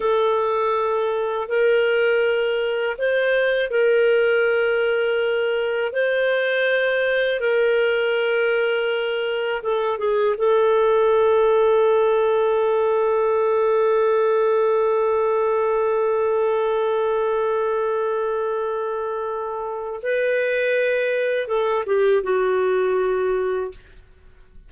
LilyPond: \new Staff \with { instrumentName = "clarinet" } { \time 4/4 \tempo 4 = 81 a'2 ais'2 | c''4 ais'2. | c''2 ais'2~ | ais'4 a'8 gis'8 a'2~ |
a'1~ | a'1~ | a'2. b'4~ | b'4 a'8 g'8 fis'2 | }